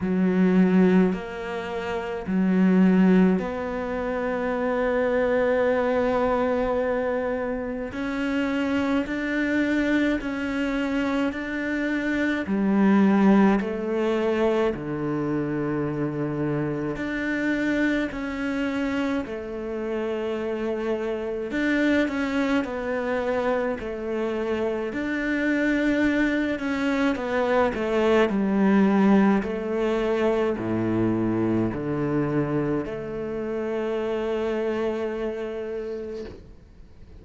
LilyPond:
\new Staff \with { instrumentName = "cello" } { \time 4/4 \tempo 4 = 53 fis4 ais4 fis4 b4~ | b2. cis'4 | d'4 cis'4 d'4 g4 | a4 d2 d'4 |
cis'4 a2 d'8 cis'8 | b4 a4 d'4. cis'8 | b8 a8 g4 a4 a,4 | d4 a2. | }